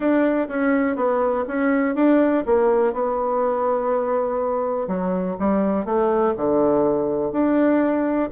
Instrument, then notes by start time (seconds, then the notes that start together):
bassoon
0.00 D4
0.48 C#4
0.96 B3
1.47 C#4
1.95 D4
2.45 A#3
2.93 B3
4.87 F#3
5.39 G3
5.85 A3
6.36 D3
7.31 D4